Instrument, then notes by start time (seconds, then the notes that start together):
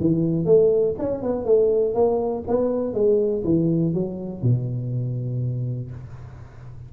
tuba
0.00 E3
0.45 A3
0.98 C#4
1.22 B3
1.44 A3
1.94 A#3
2.47 B3
2.94 G#3
3.44 E3
3.94 F#3
4.42 B2